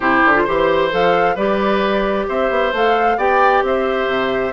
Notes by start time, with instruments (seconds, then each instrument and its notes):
0.00 bassoon C3, clarinet E4, oboe G4, flute C5
0.25 bassoon D3
0.34 clarinet F4
0.44 bassoon E3, clarinet G4, oboe C5
0.90 bassoon F3, clarinet A4, flute F5
1.35 bassoon G3, clarinet G4, oboe B4, flute D5
2.28 bassoon C4, oboe C5, flute E5
2.50 bassoon B3
2.72 bassoon A3, clarinet A4, flute F5
3.17 bassoon B3, clarinet G4, oboe D5, flute G5
3.62 bassoon C4, oboe C5, flute E5
4.06 bassoon C3